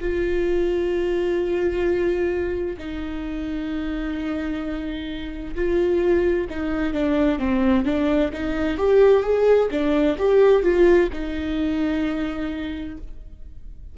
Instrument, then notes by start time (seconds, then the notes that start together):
viola
0.00 F4
2.78 D#4
5.55 F4
6.50 D#4
6.93 D4
7.39 C4
7.85 D4
8.33 D#4
8.77 G4
9.23 G#4
9.71 D4
10.18 G4
10.62 F4
11.13 D#4